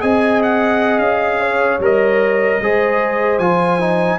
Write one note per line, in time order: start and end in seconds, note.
0.00 0.98 C4
0.00 1.80 G#4
0.00 1.40 D#5
0.00 0.41 G#5
0.42 0.99 F#5
0.98 1.78 C#4
0.98 1.79 F5
1.40 2.60 C#5
1.79 2.59 G3
1.79 2.62 A#4
1.79 3.39 D#5
2.60 3.38 G#3
2.60 3.41 G#4
2.60 4.18 C5
3.38 4.18 F3
3.38 3.80 F4
3.38 4.18 G#5
3.80 4.18 D#4